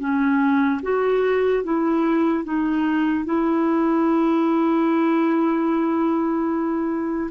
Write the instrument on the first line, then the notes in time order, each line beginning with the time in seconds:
clarinet
0.00 C#4
0.83 F#4
1.64 E4
2.44 D#4
3.25 E4